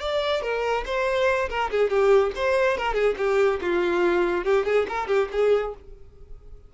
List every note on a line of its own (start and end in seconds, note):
0.00 0.42 D5
0.42 0.84 A#4
0.85 1.49 C5
1.49 1.70 A#4
1.70 1.90 G#4
1.90 2.32 G4
2.35 2.77 C5
2.77 2.93 A#4
2.93 3.15 G#4
3.17 3.59 G4
3.61 4.44 F4
4.44 4.65 G4
4.65 4.86 G#4
4.88 5.07 A#4
5.07 5.28 G4
5.32 5.74 G#4